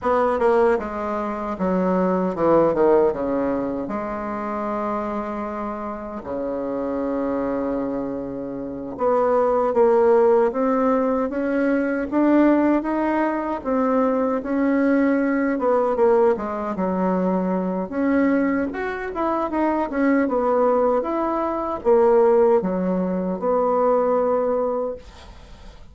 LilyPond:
\new Staff \with { instrumentName = "bassoon" } { \time 4/4 \tempo 4 = 77 b8 ais8 gis4 fis4 e8 dis8 | cis4 gis2. | cis2.~ cis8 b8~ | b8 ais4 c'4 cis'4 d'8~ |
d'8 dis'4 c'4 cis'4. | b8 ais8 gis8 fis4. cis'4 | fis'8 e'8 dis'8 cis'8 b4 e'4 | ais4 fis4 b2 | }